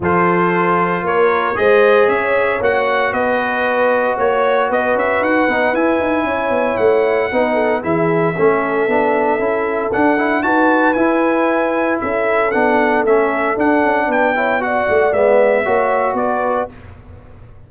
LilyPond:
<<
  \new Staff \with { instrumentName = "trumpet" } { \time 4/4 \tempo 4 = 115 c''2 cis''4 dis''4 | e''4 fis''4 dis''2 | cis''4 dis''8 e''8 fis''4 gis''4~ | gis''4 fis''2 e''4~ |
e''2. fis''4 | a''4 gis''2 e''4 | fis''4 e''4 fis''4 g''4 | fis''4 e''2 d''4 | }
  \new Staff \with { instrumentName = "horn" } { \time 4/4 a'2 ais'4 c''4 | cis''2 b'2 | cis''4 b'2. | cis''2 b'8 a'8 gis'4 |
a'1 | b'2. a'4~ | a'2. b'8 cis''8 | d''2 cis''4 b'4 | }
  \new Staff \with { instrumentName = "trombone" } { \time 4/4 f'2. gis'4~ | gis'4 fis'2.~ | fis'2~ fis'8 dis'8 e'4~ | e'2 dis'4 e'4 |
cis'4 d'4 e'4 d'8 e'8 | fis'4 e'2. | d'4 cis'4 d'4. e'8 | fis'4 b4 fis'2 | }
  \new Staff \with { instrumentName = "tuba" } { \time 4/4 f2 ais4 gis4 | cis'4 ais4 b2 | ais4 b8 cis'8 dis'8 b8 e'8 dis'8 | cis'8 b8 a4 b4 e4 |
a4 b4 cis'4 d'4 | dis'4 e'2 cis'4 | b4 a4 d'8 cis'8 b4~ | b8 a8 gis4 ais4 b4 | }
>>